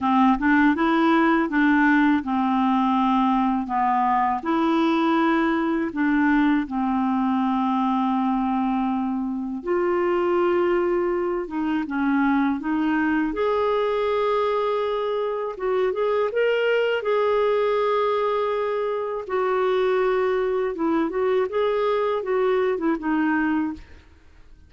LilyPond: \new Staff \with { instrumentName = "clarinet" } { \time 4/4 \tempo 4 = 81 c'8 d'8 e'4 d'4 c'4~ | c'4 b4 e'2 | d'4 c'2.~ | c'4 f'2~ f'8 dis'8 |
cis'4 dis'4 gis'2~ | gis'4 fis'8 gis'8 ais'4 gis'4~ | gis'2 fis'2 | e'8 fis'8 gis'4 fis'8. e'16 dis'4 | }